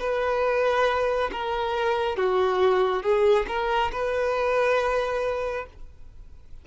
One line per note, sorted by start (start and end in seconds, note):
0.00 1.30 B4
1.32 2.17 A#4
2.17 3.03 F#4
3.03 3.46 G#4
3.48 3.91 A#4
3.92 5.66 B4